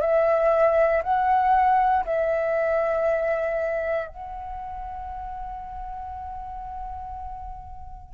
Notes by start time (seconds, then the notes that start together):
0.00 E5
1.03 F#5
2.05 E5
4.08 F#5